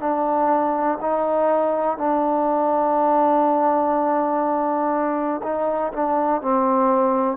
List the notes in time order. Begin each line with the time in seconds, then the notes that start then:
0.00 D4
1.01 D#4
1.97 D4
5.43 D#4
5.93 D4
6.42 C4